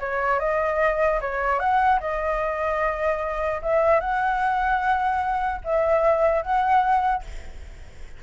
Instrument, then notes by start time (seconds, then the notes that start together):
flute
0.00 C#5
0.40 D#5
1.21 C#5
1.60 F#5
2.01 D#5
3.62 E5
4.00 F#5
5.64 E5
6.43 F#5